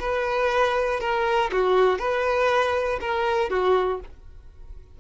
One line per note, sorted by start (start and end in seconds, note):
0.00 1.00 B4
1.00 1.51 A#4
1.52 1.98 F#4
1.98 2.99 B4
3.00 3.50 A#4
3.50 4.00 F#4